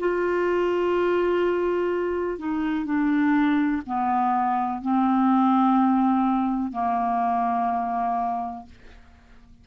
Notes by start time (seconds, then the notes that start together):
0.00 F4
2.39 D#4
2.85 D4
3.86 B3
4.82 C4
6.72 A#3